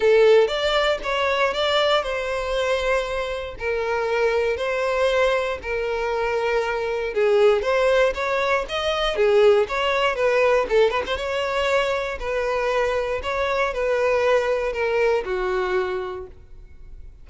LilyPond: \new Staff \with { instrumentName = "violin" } { \time 4/4 \tempo 4 = 118 a'4 d''4 cis''4 d''4 | c''2. ais'4~ | ais'4 c''2 ais'4~ | ais'2 gis'4 c''4 |
cis''4 dis''4 gis'4 cis''4 | b'4 a'8 b'16 c''16 cis''2 | b'2 cis''4 b'4~ | b'4 ais'4 fis'2 | }